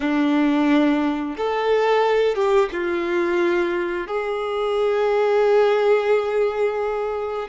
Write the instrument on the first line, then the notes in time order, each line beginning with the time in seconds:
violin
0.00 D4
1.37 A4
2.35 G4
2.72 F4
4.07 G#4